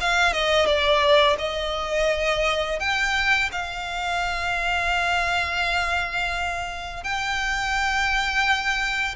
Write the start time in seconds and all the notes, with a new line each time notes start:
0.00 F5
0.33 D#5
0.65 D5
1.38 D#5
2.79 G5
3.52 F5
7.03 G5